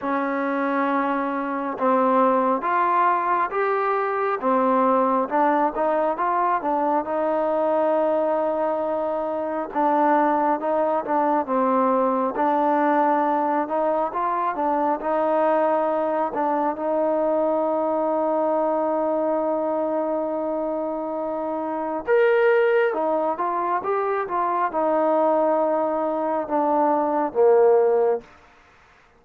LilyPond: \new Staff \with { instrumentName = "trombone" } { \time 4/4 \tempo 4 = 68 cis'2 c'4 f'4 | g'4 c'4 d'8 dis'8 f'8 d'8 | dis'2. d'4 | dis'8 d'8 c'4 d'4. dis'8 |
f'8 d'8 dis'4. d'8 dis'4~ | dis'1~ | dis'4 ais'4 dis'8 f'8 g'8 f'8 | dis'2 d'4 ais4 | }